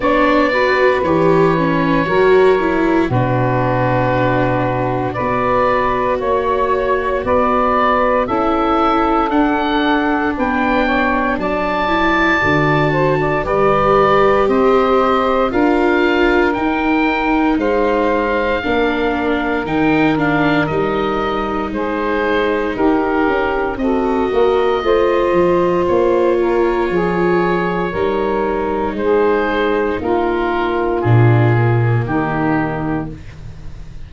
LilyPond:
<<
  \new Staff \with { instrumentName = "oboe" } { \time 4/4 \tempo 4 = 58 d''4 cis''2 b'4~ | b'4 d''4 cis''4 d''4 | e''4 fis''4 g''4 a''4~ | a''4 d''4 dis''4 f''4 |
g''4 f''2 g''8 f''8 | dis''4 c''4 ais'4 dis''4~ | dis''4 cis''2. | c''4 ais'4 gis'4 g'4 | }
  \new Staff \with { instrumentName = "saxophone" } { \time 4/4 cis''8 b'4. ais'4 fis'4~ | fis'4 b'4 cis''4 b'4 | a'2 b'8 cis''8 d''4~ | d''8 c''16 d''16 b'4 c''4 ais'4~ |
ais'4 c''4 ais'2~ | ais'4 gis'4 g'4 a'8 ais'8 | c''4. ais'8 gis'4 ais'4 | gis'4 f'2 dis'4 | }
  \new Staff \with { instrumentName = "viola" } { \time 4/4 d'8 fis'8 g'8 cis'8 fis'8 e'8 d'4~ | d'4 fis'2. | e'4 d'2~ d'8 e'8 | fis'4 g'2 f'4 |
dis'2 d'4 dis'8 d'8 | dis'2. fis'4 | f'2. dis'4~ | dis'2 d'8 ais4. | }
  \new Staff \with { instrumentName = "tuba" } { \time 4/4 b4 e4 fis4 b,4~ | b,4 b4 ais4 b4 | cis'4 d'4 b4 fis4 | d4 g4 c'4 d'4 |
dis'4 gis4 ais4 dis4 | g4 gis4 dis'8 cis'8 c'8 ais8 | a8 f8 ais4 f4 g4 | gis4 ais4 ais,4 dis4 | }
>>